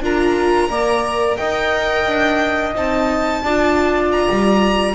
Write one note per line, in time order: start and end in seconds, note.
0.00 0.68 D4
0.00 0.71 F4
0.00 0.69 A#4
0.00 1.37 A#5
0.69 1.37 A#3
0.69 2.74 A#4
0.69 1.37 D5
1.37 2.07 D#4
1.37 3.42 D#5
1.37 2.73 G5
2.07 2.75 D4
2.74 3.43 C4
2.74 3.42 D#4
2.74 4.11 A5
3.42 4.28 D4
3.42 4.94 F4
3.42 4.94 D5
4.11 4.94 A#5
4.29 4.94 G3